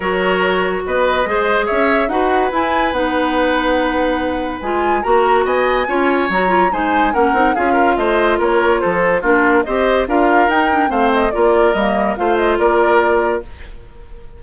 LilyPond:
<<
  \new Staff \with { instrumentName = "flute" } { \time 4/4 \tempo 4 = 143 cis''2 dis''2 | e''4 fis''4 gis''4 fis''4~ | fis''2. gis''4 | ais''4 gis''2 ais''4 |
gis''4 fis''4 f''4 dis''4 | cis''4 c''4 ais'4 dis''4 | f''4 g''4 f''8 dis''8 d''4 | dis''4 f''8 dis''8 d''2 | }
  \new Staff \with { instrumentName = "oboe" } { \time 4/4 ais'2 b'4 c''4 | cis''4 b'2.~ | b'1 | ais'4 dis''4 cis''2 |
c''4 ais'4 gis'8 ais'8 c''4 | ais'4 a'4 f'4 c''4 | ais'2 c''4 ais'4~ | ais'4 c''4 ais'2 | }
  \new Staff \with { instrumentName = "clarinet" } { \time 4/4 fis'2. gis'4~ | gis'4 fis'4 e'4 dis'4~ | dis'2. f'4 | fis'2 f'4 fis'8 f'8 |
dis'4 cis'8 dis'8 f'2~ | f'2 d'4 g'4 | f'4 dis'8 d'8 c'4 f'4 | ais4 f'2. | }
  \new Staff \with { instrumentName = "bassoon" } { \time 4/4 fis2 b4 gis4 | cis'4 dis'4 e'4 b4~ | b2. gis4 | ais4 b4 cis'4 fis4 |
gis4 ais8 c'8 cis'4 a4 | ais4 f4 ais4 c'4 | d'4 dis'4 a4 ais4 | g4 a4 ais2 | }
>>